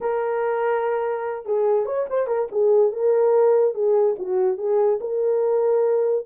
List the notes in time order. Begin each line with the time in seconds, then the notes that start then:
0.00 A#4
1.45 G#4
1.85 C#5
2.09 C5
2.27 A#4
2.51 G#4
2.91 A#4
3.74 G#4
4.18 F#4
4.57 G#4
5.00 A#4